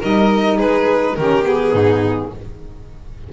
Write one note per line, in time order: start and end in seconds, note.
0.00 0.59 G3
0.00 1.18 D#4
0.00 0.57 A#4
0.00 0.59 D#5
0.57 1.17 G#3
0.57 1.15 G#4
0.57 1.16 B4
1.16 1.73 D#3
1.16 1.44 C#4
1.16 1.74 G4
1.16 1.45 A#4
1.44 2.30 B3
1.44 2.33 G#4
1.73 2.31 G#2
1.73 2.31 D#4